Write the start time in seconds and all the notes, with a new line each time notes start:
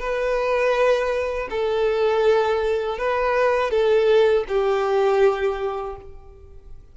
0.00 B4
1.51 A4
2.99 B4
3.71 A4
4.48 G4